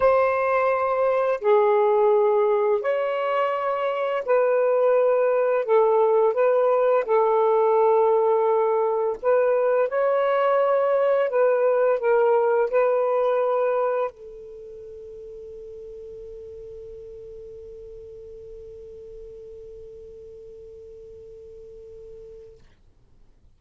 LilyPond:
\new Staff \with { instrumentName = "saxophone" } { \time 4/4 \tempo 4 = 85 c''2 gis'2 | cis''2 b'2 | a'4 b'4 a'2~ | a'4 b'4 cis''2 |
b'4 ais'4 b'2 | a'1~ | a'1~ | a'1 | }